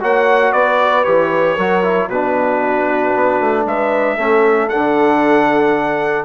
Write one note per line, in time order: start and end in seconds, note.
0.00 0.53 A#3
0.00 1.04 F#4
0.00 0.54 C#5
0.00 0.53 F#5
0.53 1.05 B3
0.53 1.55 B4
0.53 1.04 D5
1.04 1.57 E3
1.04 1.57 G4
1.04 2.09 C#5
1.55 2.08 F#3
1.55 1.83 F#4
1.55 2.07 A#4
1.83 2.10 E4
2.08 3.12 B2
2.08 4.19 D4
2.08 3.66 F#4
2.08 3.66 B4
3.15 3.40 B3
3.40 3.65 A3
3.65 4.17 G#3
3.65 4.17 B4
3.65 4.69 E5
4.17 4.70 A3
4.17 4.71 C#4
4.17 6.25 A4
4.69 6.25 D4
4.69 6.25 F#5
4.75 6.25 D3